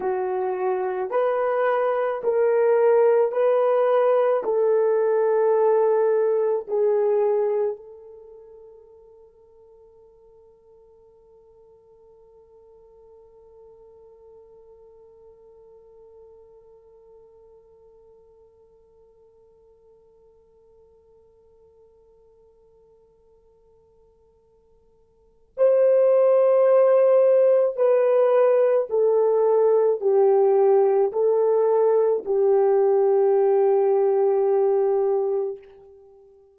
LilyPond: \new Staff \with { instrumentName = "horn" } { \time 4/4 \tempo 4 = 54 fis'4 b'4 ais'4 b'4 | a'2 gis'4 a'4~ | a'1~ | a'1~ |
a'1~ | a'2. c''4~ | c''4 b'4 a'4 g'4 | a'4 g'2. | }